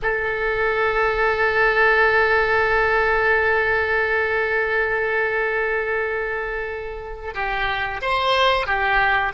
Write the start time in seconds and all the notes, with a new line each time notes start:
0.02 A4
7.34 G4
8.01 C5
8.66 G4